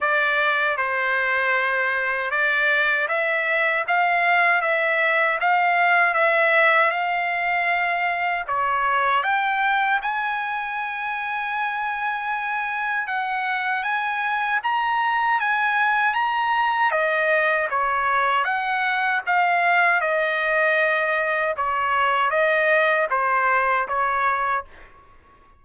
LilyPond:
\new Staff \with { instrumentName = "trumpet" } { \time 4/4 \tempo 4 = 78 d''4 c''2 d''4 | e''4 f''4 e''4 f''4 | e''4 f''2 cis''4 | g''4 gis''2.~ |
gis''4 fis''4 gis''4 ais''4 | gis''4 ais''4 dis''4 cis''4 | fis''4 f''4 dis''2 | cis''4 dis''4 c''4 cis''4 | }